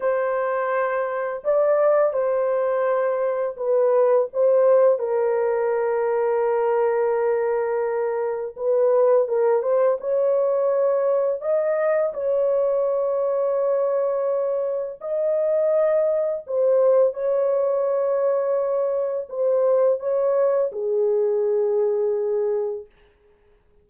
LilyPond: \new Staff \with { instrumentName = "horn" } { \time 4/4 \tempo 4 = 84 c''2 d''4 c''4~ | c''4 b'4 c''4 ais'4~ | ais'1 | b'4 ais'8 c''8 cis''2 |
dis''4 cis''2.~ | cis''4 dis''2 c''4 | cis''2. c''4 | cis''4 gis'2. | }